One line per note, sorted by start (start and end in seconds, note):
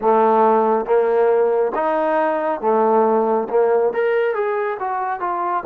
0.01 0.85 A3
0.85 1.72 A#3
1.74 2.60 D#4
2.60 3.47 A3
3.49 3.93 A#3
3.93 4.34 A#4
4.34 4.77 G#4
4.79 5.20 F#4
5.20 5.63 F4